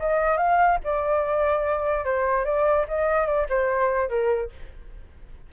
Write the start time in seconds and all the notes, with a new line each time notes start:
0.00 D#5
0.38 F5
0.84 D5
2.05 C5
2.45 D5
2.88 D#5
3.27 D5
3.50 C5
4.09 A#4